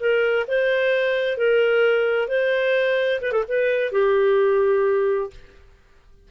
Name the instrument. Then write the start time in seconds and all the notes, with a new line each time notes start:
clarinet
0.00 A#4
0.48 C5
1.37 A#4
2.28 C5
3.21 B4
3.32 A4
3.48 B4
3.92 G4